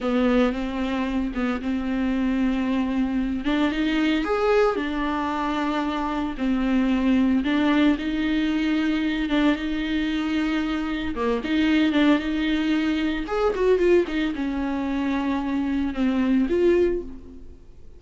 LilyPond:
\new Staff \with { instrumentName = "viola" } { \time 4/4 \tempo 4 = 113 b4 c'4. b8 c'4~ | c'2~ c'8 d'8 dis'4 | gis'4 d'2. | c'2 d'4 dis'4~ |
dis'4. d'8 dis'2~ | dis'4 ais8 dis'4 d'8 dis'4~ | dis'4 gis'8 fis'8 f'8 dis'8 cis'4~ | cis'2 c'4 f'4 | }